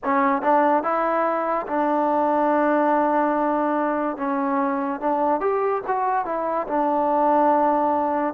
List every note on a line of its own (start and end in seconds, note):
0.03 0.42 C#4
0.42 0.83 D4
0.83 1.66 E4
1.67 4.17 D4
4.17 5.00 C#4
5.00 5.40 D4
5.40 5.81 G4
5.87 6.25 F#4
6.25 6.67 E4
6.67 8.33 D4